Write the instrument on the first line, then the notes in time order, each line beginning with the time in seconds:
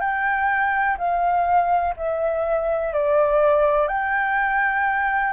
flute
0.00 G5
0.98 F5
1.97 E5
2.93 D5
3.88 G5